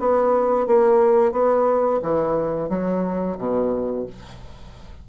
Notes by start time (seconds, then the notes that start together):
0.00 B3
0.67 A#3
1.32 B3
2.03 E3
2.70 F#3
3.38 B2